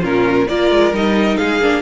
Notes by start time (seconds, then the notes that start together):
0.00 A#2 C#4 F4 A#4
0.48 A#3 F4 A#4 D5
0.70 G#3
0.92 G3 D#4 D#5
1.36 G#3 G#4 F5
1.59 A#3 D4